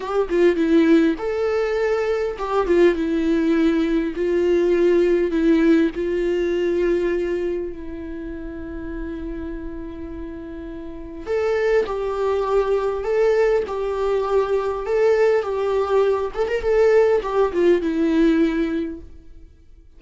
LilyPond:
\new Staff \with { instrumentName = "viola" } { \time 4/4 \tempo 4 = 101 g'8 f'8 e'4 a'2 | g'8 f'8 e'2 f'4~ | f'4 e'4 f'2~ | f'4 e'2.~ |
e'2. a'4 | g'2 a'4 g'4~ | g'4 a'4 g'4. a'16 ais'16 | a'4 g'8 f'8 e'2 | }